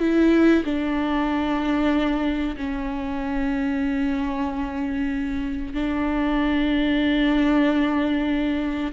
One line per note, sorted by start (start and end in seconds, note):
0.00 0.64 E4
0.65 2.56 D4
2.57 5.74 C#4
5.74 8.93 D4